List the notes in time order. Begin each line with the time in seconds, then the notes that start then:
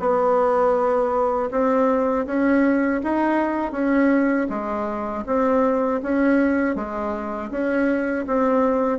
0.00 B3
1.51 C4
2.26 C#4
3.03 D#4
3.72 C#4
4.50 G#3
5.26 C4
6.03 C#4
6.76 G#3
7.51 C#4
8.27 C4